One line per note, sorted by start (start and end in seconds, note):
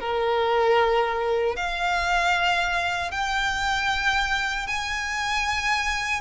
0.00 1.56 A#4
1.56 3.11 F5
3.11 4.67 G5
4.68 6.21 G#5